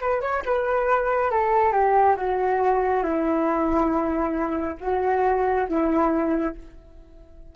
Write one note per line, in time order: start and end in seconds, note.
0.00 0.21 B4
0.21 0.42 C#5
0.45 1.30 B4
1.30 1.72 A4
1.72 2.15 G4
2.16 3.03 F#4
3.03 4.77 E4
4.80 5.67 F#4
5.68 6.55 E4